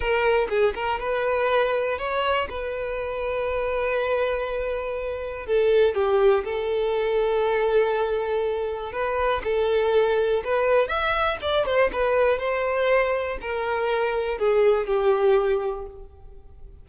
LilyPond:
\new Staff \with { instrumentName = "violin" } { \time 4/4 \tempo 4 = 121 ais'4 gis'8 ais'8 b'2 | cis''4 b'2.~ | b'2. a'4 | g'4 a'2.~ |
a'2 b'4 a'4~ | a'4 b'4 e''4 d''8 c''8 | b'4 c''2 ais'4~ | ais'4 gis'4 g'2 | }